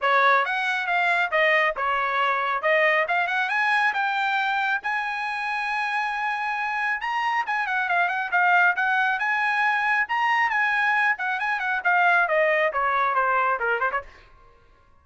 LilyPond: \new Staff \with { instrumentName = "trumpet" } { \time 4/4 \tempo 4 = 137 cis''4 fis''4 f''4 dis''4 | cis''2 dis''4 f''8 fis''8 | gis''4 g''2 gis''4~ | gis''1 |
ais''4 gis''8 fis''8 f''8 fis''8 f''4 | fis''4 gis''2 ais''4 | gis''4. fis''8 gis''8 fis''8 f''4 | dis''4 cis''4 c''4 ais'8 c''16 cis''16 | }